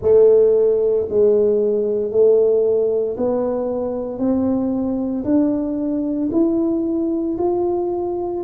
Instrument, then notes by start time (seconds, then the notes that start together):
tuba
0.01 A3
1.09 G#3
2.11 A3
3.17 B3
4.18 C4
5.24 D4
6.32 E4
7.38 F4